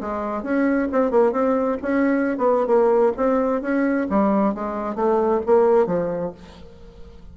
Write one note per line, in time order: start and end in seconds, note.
0.00 0.43 G#3
0.43 0.88 C#4
0.92 1.11 C4
1.11 1.32 A#3
1.32 1.77 C4
1.82 2.37 C#4
2.37 2.67 B3
2.67 3.12 A#3
3.17 3.61 C4
3.61 4.07 C#4
4.10 4.54 G3
4.54 4.95 G#3
4.95 5.40 A3
5.46 5.86 A#3
5.86 6.32 F3